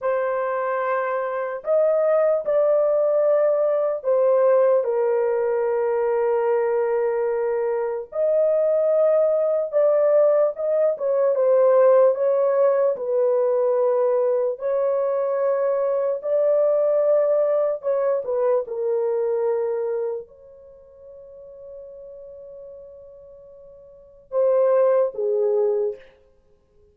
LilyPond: \new Staff \with { instrumentName = "horn" } { \time 4/4 \tempo 4 = 74 c''2 dis''4 d''4~ | d''4 c''4 ais'2~ | ais'2 dis''2 | d''4 dis''8 cis''8 c''4 cis''4 |
b'2 cis''2 | d''2 cis''8 b'8 ais'4~ | ais'4 cis''2.~ | cis''2 c''4 gis'4 | }